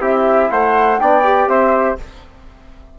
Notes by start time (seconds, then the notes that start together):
0.00 C4 E4 G4 E5
0.51 A3 C5 F#5
0.99 B3 D4 D5 G5
1.24 G4
1.47 C4 C5 E5